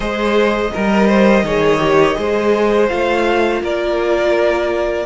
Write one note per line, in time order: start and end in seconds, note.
0.00 0.71 G#3
0.00 0.71 G#4
0.00 0.71 C5
0.00 2.86 D#5
0.73 1.43 G3
0.73 1.07 A#4
0.73 1.45 A#4
1.07 1.43 C5
1.43 2.15 D#3
1.43 1.78 G#4
1.43 2.17 C#5
1.78 2.14 G4
2.14 2.90 G#3
2.14 2.86 G#4
2.14 3.62 C5
2.88 3.61 A3
2.88 5.05 F4
2.88 3.60 F5
3.61 5.05 A#3
3.61 5.05 A#4
3.61 5.05 D5